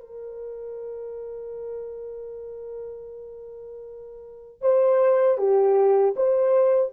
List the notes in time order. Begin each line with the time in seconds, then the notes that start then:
0.00 A#4
4.61 C5
5.37 G4
6.16 C5